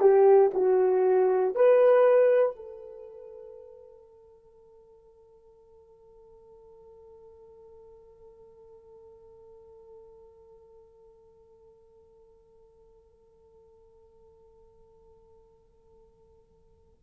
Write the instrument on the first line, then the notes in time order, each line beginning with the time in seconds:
horn
0.00 G4
0.54 F#4
1.55 B4
2.56 A4